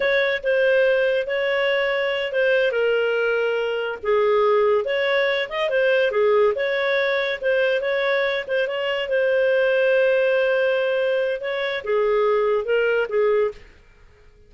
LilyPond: \new Staff \with { instrumentName = "clarinet" } { \time 4/4 \tempo 4 = 142 cis''4 c''2 cis''4~ | cis''4. c''4 ais'4.~ | ais'4. gis'2 cis''8~ | cis''4 dis''8 c''4 gis'4 cis''8~ |
cis''4. c''4 cis''4. | c''8 cis''4 c''2~ c''8~ | c''2. cis''4 | gis'2 ais'4 gis'4 | }